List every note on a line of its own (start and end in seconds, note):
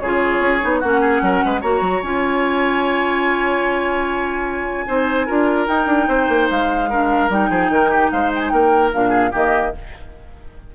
0.00 0.41 C#3
0.00 0.61 F4
0.00 0.81 G#4
0.00 0.80 C#5
0.41 0.61 C#4
0.61 0.84 B3
0.61 0.82 D#4
0.80 1.22 A#3
0.80 1.62 C#4
0.80 1.01 F#4
0.80 1.61 F#5
1.01 1.22 G#4
1.22 1.42 F#3
1.22 1.45 A#4
1.45 1.64 G#3
1.45 1.61 B4
1.61 1.82 A#3
1.61 2.03 F#4
1.61 4.86 C#5
1.61 2.03 A#5
1.82 2.02 F#3
2.03 4.87 C#4
2.03 4.88 F4
2.03 5.68 G#5
4.88 5.29 C4
4.88 5.28 D#4
4.88 5.27 C5
5.27 5.68 D4
5.27 5.67 F4
5.27 6.08 A#4
5.67 6.89 D#4
5.67 5.87 D#4
5.67 6.49 G5
5.87 6.07 D4
6.08 6.29 C4
6.08 6.90 C5
6.29 6.49 A#3
6.50 7.30 G#3
6.50 7.31 F5
6.90 7.30 D4
6.90 7.50 A#4
7.30 7.50 G3
7.30 8.92 D#4
7.30 8.12 G5
7.50 7.70 F3
7.50 7.71 G#4
7.70 8.10 D#3
7.70 7.90 A#4
7.90 8.11 G4
8.12 8.53 G#3
8.12 8.53 C5
8.12 8.32 F5
8.35 8.40 G5
8.35 8.50 G#5
8.50 8.93 A#3
8.50 9.10 A#4
8.50 8.91 G5
8.94 9.34 A#2
8.94 9.32 D4
8.94 9.35 F5
9.10 9.30 G#4
9.32 9.75 D#3
9.32 9.72 A#3
9.32 9.73 G4
9.32 9.76 D#5